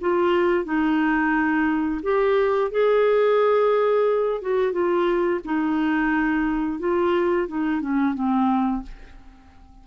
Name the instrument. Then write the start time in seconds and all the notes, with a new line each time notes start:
clarinet
0.00 F4
0.64 D#4
2.02 G4
2.71 G#4
4.41 F#4
4.72 F4
5.44 D#4
6.79 F4
7.48 D#4
7.81 C#4
8.14 C4